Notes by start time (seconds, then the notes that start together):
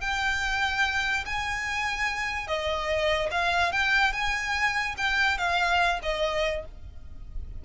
0.00 G5
1.25 G#5
2.47 D#5
3.30 F5
3.72 G5
4.12 G#5
4.97 G5
5.38 F5
6.02 D#5